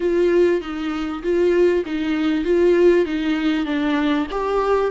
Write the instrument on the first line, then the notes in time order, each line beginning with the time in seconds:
viola
0.00 F4
0.61 D#4
1.22 F4
1.85 D#4
2.44 F4
3.05 D#4
3.65 D4
4.30 G4